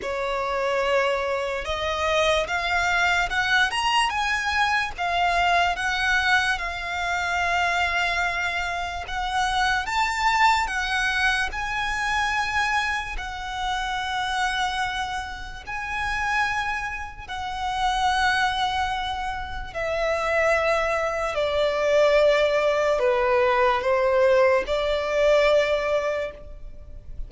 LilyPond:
\new Staff \with { instrumentName = "violin" } { \time 4/4 \tempo 4 = 73 cis''2 dis''4 f''4 | fis''8 ais''8 gis''4 f''4 fis''4 | f''2. fis''4 | a''4 fis''4 gis''2 |
fis''2. gis''4~ | gis''4 fis''2. | e''2 d''2 | b'4 c''4 d''2 | }